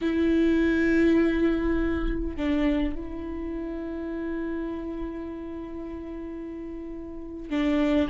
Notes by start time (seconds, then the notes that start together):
0.01 E4
2.36 D4
2.95 E4
7.50 D4